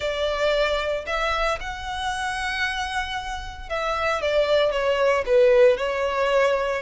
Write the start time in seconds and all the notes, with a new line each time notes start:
0.00 D5
1.06 E5
1.60 F#5
3.69 E5
4.21 D5
4.71 C#5
5.26 B4
5.77 C#5